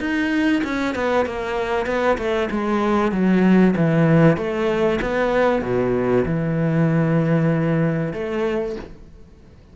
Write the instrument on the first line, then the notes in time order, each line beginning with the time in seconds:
cello
0.00 D#4
0.64 C#4
0.95 B3
1.26 A#3
1.87 B3
2.18 A3
2.51 G#3
3.12 F#3
3.76 E3
4.38 A3
5.02 B3
5.62 B2
6.26 E3
8.14 A3